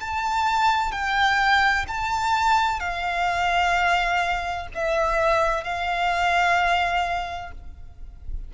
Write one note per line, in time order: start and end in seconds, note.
0.00 0.92 A5
0.92 1.85 G5
1.88 2.80 A5
2.80 4.67 F5
4.74 5.64 E5
5.64 7.51 F5